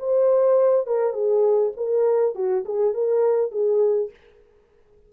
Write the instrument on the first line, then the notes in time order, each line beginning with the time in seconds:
horn
0.00 C5
0.87 A#4
1.13 G#4
1.77 A#4
2.35 F#4
2.65 G#4
2.94 A#4
3.52 G#4